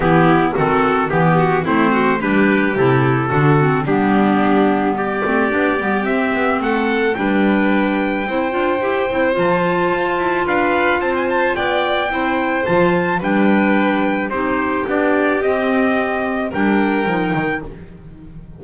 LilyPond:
<<
  \new Staff \with { instrumentName = "trumpet" } { \time 4/4 \tempo 4 = 109 g'4 a'4 g'4 c''4 | b'4 a'2 g'4~ | g'4 d''2 e''4 | fis''4 g''2.~ |
g''4 a''2 f''4 | a''16 gis''16 a''8 g''2 a''4 | g''2 c''4 d''4 | dis''2 g''2 | }
  \new Staff \with { instrumentName = "violin" } { \time 4/4 e'4 fis'4 g'8 fis'8 e'8 fis'8 | g'2 fis'4 d'4~ | d'4 g'2. | a'4 b'2 c''4~ |
c''2. b'4 | c''4 d''4 c''2 | b'2 g'2~ | g'2 ais'2 | }
  \new Staff \with { instrumentName = "clarinet" } { \time 4/4 b4 c'4 b4 c'4 | d'4 e'4 d'8 c'8 b4~ | b4. c'8 d'8 b8 c'4~ | c'4 d'2 e'8 f'8 |
g'8 e'8 f'2.~ | f'2 e'4 f'4 | d'2 dis'4 d'4 | c'2 d'4 dis'4 | }
  \new Staff \with { instrumentName = "double bass" } { \time 4/4 e4 dis4 e4 a4 | g4 c4 d4 g4~ | g4. a8 b8 g8 c'8 b8 | a4 g2 c'8 d'8 |
e'8 c'8 f4 f'8 e'8 d'4 | c'4 b4 c'4 f4 | g2 c'4 b4 | c'2 g4 f8 dis8 | }
>>